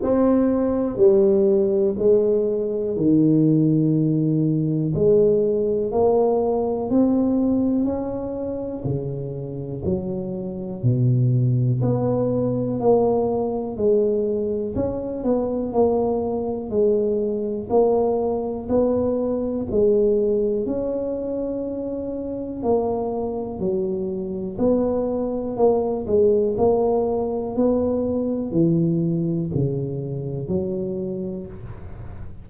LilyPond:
\new Staff \with { instrumentName = "tuba" } { \time 4/4 \tempo 4 = 61 c'4 g4 gis4 dis4~ | dis4 gis4 ais4 c'4 | cis'4 cis4 fis4 b,4 | b4 ais4 gis4 cis'8 b8 |
ais4 gis4 ais4 b4 | gis4 cis'2 ais4 | fis4 b4 ais8 gis8 ais4 | b4 e4 cis4 fis4 | }